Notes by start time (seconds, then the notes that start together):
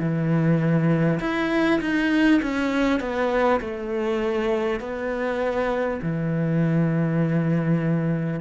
0.00 E3
1.21 E4
1.81 D#4
2.42 C#4
3.01 B3
3.61 A3
4.81 B3
6.02 E3